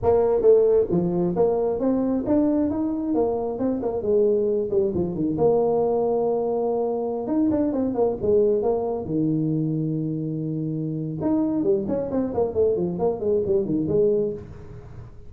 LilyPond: \new Staff \with { instrumentName = "tuba" } { \time 4/4 \tempo 4 = 134 ais4 a4 f4 ais4 | c'4 d'4 dis'4 ais4 | c'8 ais8 gis4. g8 f8 dis8 | ais1~ |
ais16 dis'8 d'8 c'8 ais8 gis4 ais8.~ | ais16 dis2.~ dis8.~ | dis4 dis'4 g8 cis'8 c'8 ais8 | a8 f8 ais8 gis8 g8 dis8 gis4 | }